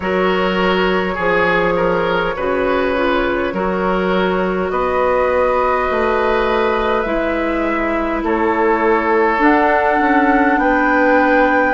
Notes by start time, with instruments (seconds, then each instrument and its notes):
0.00 bassoon F#3, clarinet F#4, oboe A#4, flute C#5
1.14 bassoon F3, oboe G#4, clarinet G#4
1.76 oboe A#4
2.36 bassoon C#3, clarinet F#4, oboe B4
2.96 clarinet F4
3.52 bassoon F#3, clarinet F#4, oboe A#4
4.70 bassoon B3, oboe B4, flute D#5
5.90 bassoon A3
7.01 bassoon G#3, clarinet E4, flute E5
8.23 bassoon A3, oboe A4, flute C#5
9.38 clarinet D4, bassoon D4, flute F#5
10.00 bassoon C#4
10.57 bassoon B3, oboe B4, flute G5